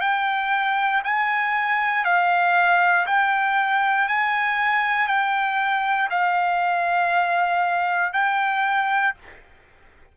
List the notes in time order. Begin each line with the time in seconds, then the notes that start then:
0.00 G5
1.04 G#5
2.04 F5
3.06 G5
4.08 G#5
5.07 G5
6.10 F5
8.13 G5